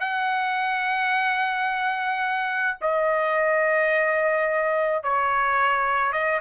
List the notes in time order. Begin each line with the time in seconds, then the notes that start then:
0.00 F#5
2.81 D#5
5.03 C#5
6.12 D#5